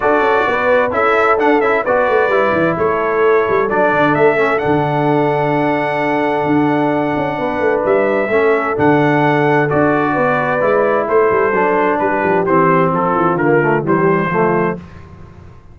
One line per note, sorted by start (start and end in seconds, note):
0.00 0.20 D4
0.00 0.91 F#4
0.00 0.47 A4
0.00 0.92 D5
0.20 0.43 C#4
0.47 0.91 B3
0.47 0.94 B4
0.91 1.37 C#4
0.91 1.37 E4
0.91 1.83 A4
0.91 1.39 E5
1.37 1.60 D4
1.37 1.61 D4
1.37 1.60 F#5
1.60 1.83 C#4
1.60 1.85 E4
1.60 1.84 E5
1.83 2.09 B3
1.83 2.30 F#4
1.83 2.75 B4
1.83 2.77 D5
2.09 2.28 A3
2.28 2.51 G3
2.28 3.69 E4
2.51 2.75 E3
2.77 3.47 A3
2.77 7.38 A4
2.77 3.69 C#5
3.49 3.70 G3
3.69 3.92 F#3
3.69 4.36 D4
3.69 4.14 D5
3.92 4.15 D3
4.14 4.61 A3
4.14 4.58 E5
4.36 4.58 C#4
4.58 8.27 D4
4.58 7.81 F#5
4.64 6.45 D3
6.45 7.15 D4
7.16 7.38 C#4
7.38 7.59 B3
7.38 8.30 B4
7.59 7.82 A3
7.85 8.29 G3
7.85 8.77 E5
8.29 8.75 A3
8.29 8.76 C#4
8.29 10.12 A4
8.76 9.70 D3
8.76 9.68 D4
8.76 9.69 F#5
9.68 10.17 D4
9.68 10.60 F#4
9.68 11.08 D5
10.12 10.61 B3
10.12 11.05 B4
10.60 11.07 G#3
10.60 11.52 E4
11.07 11.30 A3
11.07 11.99 A4
11.07 11.98 C5
11.31 11.52 G3
11.52 11.98 F#3
11.52 12.46 D4
11.98 12.23 G3
11.98 12.92 G4
11.98 12.45 B4
12.23 12.46 F3
12.46 12.92 E3
12.46 13.40 C4
12.46 12.92 C5
12.93 13.14 F3
12.93 13.85 F4
12.93 13.37 A4
13.14 13.35 E3
13.35 13.81 D3
13.35 13.61 A#3
13.35 13.83 A#4
13.61 13.84 A3
13.84 14.29 E3
13.84 14.30 G3
13.84 14.28 G4
13.84 14.79 C5
14.28 14.75 F3
14.28 14.77 A3
14.28 14.75 F4